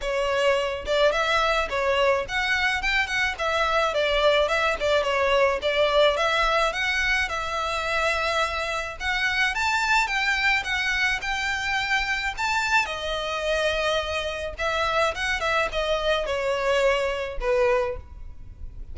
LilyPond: \new Staff \with { instrumentName = "violin" } { \time 4/4 \tempo 4 = 107 cis''4. d''8 e''4 cis''4 | fis''4 g''8 fis''8 e''4 d''4 | e''8 d''8 cis''4 d''4 e''4 | fis''4 e''2. |
fis''4 a''4 g''4 fis''4 | g''2 a''4 dis''4~ | dis''2 e''4 fis''8 e''8 | dis''4 cis''2 b'4 | }